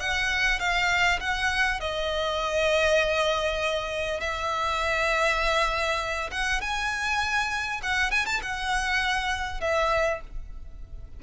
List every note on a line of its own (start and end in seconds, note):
0.00 0.59 F#5
0.59 1.19 F5
1.20 1.80 F#5
1.80 4.20 D#5
4.21 6.31 E5
6.32 6.61 F#5
6.61 7.81 G#5
7.83 8.11 F#5
8.11 8.26 G#5
8.26 8.41 A5
8.43 9.61 F#5
9.61 10.21 E5